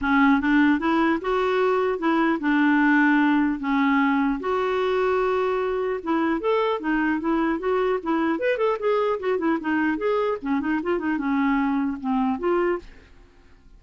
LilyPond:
\new Staff \with { instrumentName = "clarinet" } { \time 4/4 \tempo 4 = 150 cis'4 d'4 e'4 fis'4~ | fis'4 e'4 d'2~ | d'4 cis'2 fis'4~ | fis'2. e'4 |
a'4 dis'4 e'4 fis'4 | e'4 b'8 a'8 gis'4 fis'8 e'8 | dis'4 gis'4 cis'8 dis'8 f'8 dis'8 | cis'2 c'4 f'4 | }